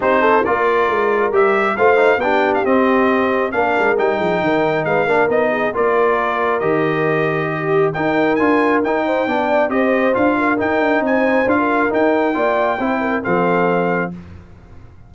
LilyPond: <<
  \new Staff \with { instrumentName = "trumpet" } { \time 4/4 \tempo 4 = 136 c''4 d''2 e''4 | f''4 g''8. f''16 dis''2 | f''4 g''2 f''4 | dis''4 d''2 dis''4~ |
dis''2 g''4 gis''4 | g''2 dis''4 f''4 | g''4 gis''4 f''4 g''4~ | g''2 f''2 | }
  \new Staff \with { instrumentName = "horn" } { \time 4/4 g'8 a'8 ais'2. | c''4 g'2. | ais'4. gis'8 ais'4 b'8 ais'8~ | ais'8 gis'8 ais'2.~ |
ais'4 g'4 ais'2~ | ais'8 c''8 d''4 c''4. ais'8~ | ais'4 c''4~ c''16 ais'4.~ ais'16 | d''4 c''8 ais'8 a'2 | }
  \new Staff \with { instrumentName = "trombone" } { \time 4/4 dis'4 f'2 g'4 | f'8 dis'8 d'4 c'2 | d'4 dis'2~ dis'8 d'8 | dis'4 f'2 g'4~ |
g'2 dis'4 f'4 | dis'4 d'4 g'4 f'4 | dis'2 f'4 dis'4 | f'4 e'4 c'2 | }
  \new Staff \with { instrumentName = "tuba" } { \time 4/4 c'4 ais4 gis4 g4 | a4 b4 c'2 | ais8 gis8 g8 f8 dis4 gis8 ais8 | b4 ais2 dis4~ |
dis2 dis'4 d'4 | dis'4 b4 c'4 d'4 | dis'8 d'8 c'4 d'4 dis'4 | ais4 c'4 f2 | }
>>